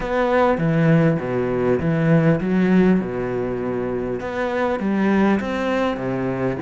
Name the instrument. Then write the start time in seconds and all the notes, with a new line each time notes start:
cello
0.00 B3
0.58 E3
1.19 B2
1.79 E3
2.40 F#3
3.00 B2
4.20 B3
4.79 G3
5.40 C4
5.96 C3